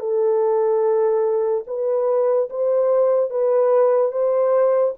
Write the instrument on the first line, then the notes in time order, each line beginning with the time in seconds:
horn
0.00 A4
1.67 B4
2.50 C5
3.31 B4
4.12 C5